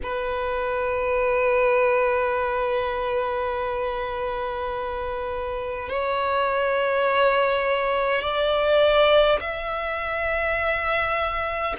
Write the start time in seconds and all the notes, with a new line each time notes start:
0.02 B4
5.89 C#5
8.21 D5
9.40 E5